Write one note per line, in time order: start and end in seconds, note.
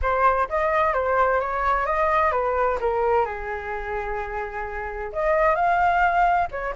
0.01 0.48 C5
0.49 0.93 D#5
0.93 1.40 C5
1.40 1.86 C#5
1.86 2.31 D#5
2.31 2.78 B4
2.80 3.25 A#4
3.25 5.11 G#4
5.13 5.55 D#5
5.55 6.48 F5
6.51 6.74 C#5